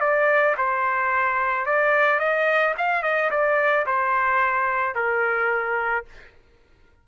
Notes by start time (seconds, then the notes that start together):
0.00 D5
0.58 C5
1.66 D5
2.19 D#5
2.77 F5
3.03 D#5
3.31 D5
3.86 C5
4.95 A#4